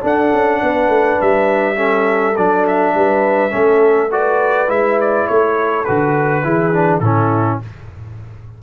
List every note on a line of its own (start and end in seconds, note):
0.00 1.75 D4
0.00 0.32 D4
0.00 0.60 A4
0.00 1.21 F#5
0.32 0.61 C#4
0.62 0.88 B3
0.62 1.76 B4
0.88 1.17 A3
1.21 2.36 G3
1.21 2.36 E5
1.76 2.34 C#4
1.76 2.92 A4
2.36 2.94 F#3
2.36 3.50 D4
2.36 2.65 D5
2.67 4.12 E5
2.94 3.53 G3
2.94 3.52 B4
3.50 4.69 A3
3.50 4.08 C#4
3.50 4.10 A4
4.11 4.67 F#4
4.11 5.29 B4
4.11 4.70 D5
4.67 5.27 G#3
4.67 5.84 E4
4.67 4.99 E5
5.00 5.27 D5
5.27 5.87 A3
5.27 6.44 A4
5.27 5.84 C#5
5.84 6.44 D3
5.84 6.43 F#4
5.84 6.99 B4
6.43 7.00 E3
6.43 6.72 E4
6.43 7.02 G#4
6.73 7.02 D4
6.99 7.58 A2
6.99 7.62 C#4
6.99 7.61 E4
6.99 7.57 A4